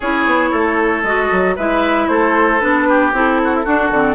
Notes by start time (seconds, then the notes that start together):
0.00 C#4 E4 G#4 C#5
0.25 B3
0.51 A3 A4
1.03 G#3 F#4 D#5
1.31 F#3
1.55 G#3 E4 B4 E5
2.07 A3 A4 C5
2.60 B3 D4 B4
2.88 G4
3.12 C4 E4 A4
3.44 F#4
3.55 E4
3.64 D4 F#4
3.90 D3 C4